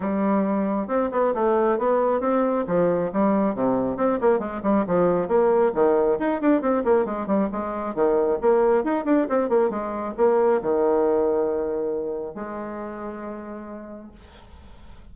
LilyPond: \new Staff \with { instrumentName = "bassoon" } { \time 4/4 \tempo 4 = 136 g2 c'8 b8 a4 | b4 c'4 f4 g4 | c4 c'8 ais8 gis8 g8 f4 | ais4 dis4 dis'8 d'8 c'8 ais8 |
gis8 g8 gis4 dis4 ais4 | dis'8 d'8 c'8 ais8 gis4 ais4 | dis1 | gis1 | }